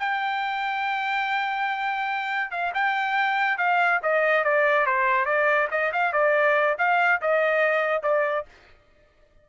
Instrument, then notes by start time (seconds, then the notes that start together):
trumpet
0.00 G5
2.51 F5
2.75 G5
3.58 F5
4.03 D#5
4.44 D5
4.87 C5
5.26 D5
5.72 D#5
5.93 F5
6.13 D5
6.79 F5
7.22 D#5
8.03 D5